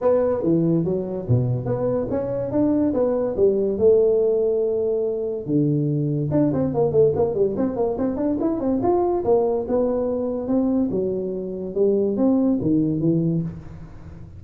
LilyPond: \new Staff \with { instrumentName = "tuba" } { \time 4/4 \tempo 4 = 143 b4 e4 fis4 b,4 | b4 cis'4 d'4 b4 | g4 a2.~ | a4 d2 d'8 c'8 |
ais8 a8 ais8 g8 c'8 ais8 c'8 d'8 | e'8 c'8 f'4 ais4 b4~ | b4 c'4 fis2 | g4 c'4 dis4 e4 | }